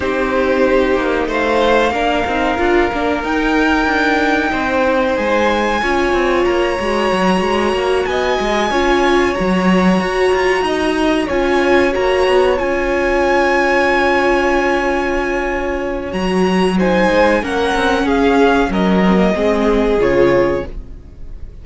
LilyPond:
<<
  \new Staff \with { instrumentName = "violin" } { \time 4/4 \tempo 4 = 93 c''2 f''2~ | f''4 g''2. | gis''2 ais''2~ | ais''8 gis''2 ais''4.~ |
ais''4. gis''4 ais''4 gis''8~ | gis''1~ | gis''4 ais''4 gis''4 fis''4 | f''4 dis''2 cis''4 | }
  \new Staff \with { instrumentName = "violin" } { \time 4/4 g'2 c''4 ais'4~ | ais'2. c''4~ | c''4 cis''2.~ | cis''8 dis''4 cis''2~ cis''8~ |
cis''8 dis''4 cis''2~ cis''8~ | cis''1~ | cis''2 c''4 ais'4 | gis'4 ais'4 gis'2 | }
  \new Staff \with { instrumentName = "viola" } { \time 4/4 dis'2. d'8 dis'8 | f'8 d'8 dis'2.~ | dis'4 f'4. fis'4.~ | fis'4. f'4 fis'4.~ |
fis'4. f'4 fis'4 f'8~ | f'1~ | f'4 fis'4 dis'4 cis'4~ | cis'4. c'16 ais16 c'4 f'4 | }
  \new Staff \with { instrumentName = "cello" } { \time 4/4 c'4. ais8 a4 ais8 c'8 | d'8 ais8 dis'4 d'4 c'4 | gis4 cis'8 c'8 ais8 gis8 fis8 gis8 | ais8 b8 gis8 cis'4 fis4 fis'8 |
f'8 dis'4 cis'4 ais8 b8 cis'8~ | cis'1~ | cis'4 fis4. gis8 ais8 c'8 | cis'4 fis4 gis4 cis4 | }
>>